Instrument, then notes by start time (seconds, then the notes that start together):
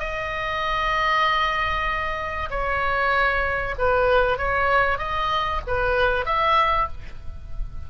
oboe
0.00 D#5
2.51 C#5
3.78 B4
4.38 C#5
4.99 D#5
5.67 B4
6.26 E5